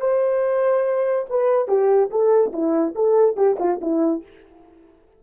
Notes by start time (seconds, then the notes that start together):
0.00 C5
1.29 B4
1.68 G4
2.10 A4
2.52 E4
2.95 A4
3.36 G4
3.59 F4
3.81 E4